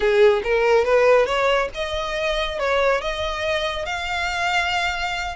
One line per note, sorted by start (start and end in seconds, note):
0.00 0.42 G#4
0.43 0.84 A#4
0.84 1.26 B4
1.26 1.69 C#5
1.74 2.59 D#5
2.59 3.01 C#5
3.01 3.85 D#5
3.85 5.35 F5